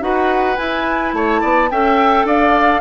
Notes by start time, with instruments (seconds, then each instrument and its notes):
0.00 bassoon D#4, clarinet F#4, oboe B4, flute F#5
0.56 clarinet E4, bassoon E4, flute G#5
1.13 bassoon A3, oboe C#5, flute A5
1.41 bassoon B3, oboe D5
1.70 bassoon C#4, clarinet A4, oboe E5, flute G5
2.24 bassoon D4, oboe D5, flute F5